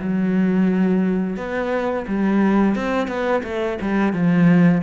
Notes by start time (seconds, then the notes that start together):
0.00 F#3
1.37 B3
2.08 G3
2.76 C4
3.08 B3
3.44 A3
3.82 G3
4.13 F3